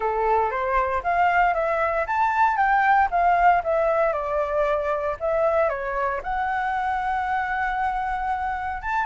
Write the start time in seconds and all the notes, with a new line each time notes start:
0.00 A4
0.50 C5
1.03 F5
1.54 E5
2.06 A5
2.56 G5
3.10 F5
3.63 E5
4.12 D5
5.20 E5
5.69 C#5
6.23 F#5
8.82 A5